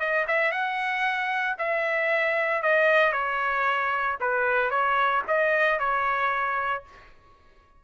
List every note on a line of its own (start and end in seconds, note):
0.00 0.26 D#5
0.28 0.52 E5
0.52 1.57 F#5
1.59 2.63 E5
2.63 3.13 D#5
3.13 4.17 C#5
4.21 4.71 B4
4.71 5.23 C#5
5.28 5.80 D#5
5.80 6.84 C#5